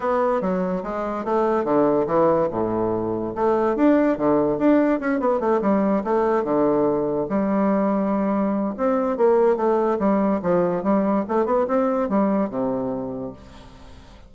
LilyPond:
\new Staff \with { instrumentName = "bassoon" } { \time 4/4 \tempo 4 = 144 b4 fis4 gis4 a4 | d4 e4 a,2 | a4 d'4 d4 d'4 | cis'8 b8 a8 g4 a4 d8~ |
d4. g2~ g8~ | g4 c'4 ais4 a4 | g4 f4 g4 a8 b8 | c'4 g4 c2 | }